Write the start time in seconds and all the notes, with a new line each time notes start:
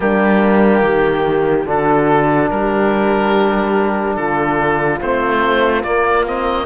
0.00 G3 A#3 D4 G4
0.82 D#3 G4
1.65 D3 D4 F#4 A4
2.49 G3 G4 A#4
4.15 D3 F4 A4
5.01 A3 C4 C5
5.83 A#3 D5
6.25 C4 D#5